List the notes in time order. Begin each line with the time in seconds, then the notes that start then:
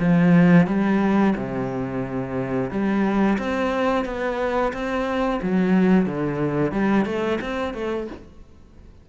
0.00 F3
0.67 G3
1.37 C3
2.71 G3
3.38 C4
4.05 B3
4.73 C4
5.43 F#3
6.06 D3
6.72 G3
7.06 A3
7.41 C4
7.74 A3